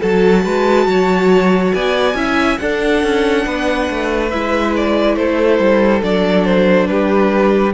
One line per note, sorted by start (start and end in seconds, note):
0.00 0.46 F#3
0.00 2.16 F#4
0.00 0.43 A4
0.00 1.74 A5
0.45 0.87 G#3
0.45 0.88 B4
0.87 1.73 F#3
0.87 1.75 C#5
1.74 2.14 B3
1.74 2.17 D5
1.74 2.58 G#5
2.14 2.57 C#4
2.14 2.59 E4
2.14 2.60 E5
2.58 4.32 D4
2.58 3.03 D4
2.58 3.46 A4
2.58 4.30 F#5
3.03 3.46 C#4
3.46 3.89 B3
3.46 5.17 B4
3.90 4.33 A3
4.31 5.17 G#3
4.31 6.02 E4
4.31 4.74 E5
4.77 5.16 D5
5.16 5.60 A3
5.16 6.90 A4
5.16 6.02 C5
5.60 6.03 G3
6.02 6.89 F#3
6.02 7.74 D4
6.02 6.45 D5
6.45 6.88 C5
6.88 7.74 G3
6.88 7.74 G4
6.88 7.73 B4